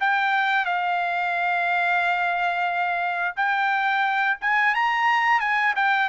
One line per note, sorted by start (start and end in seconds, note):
0.00 0.65 G5
0.65 3.35 F5
3.36 4.37 G5
4.41 4.74 G#5
4.74 5.40 A#5
5.40 5.74 G#5
5.75 6.09 G5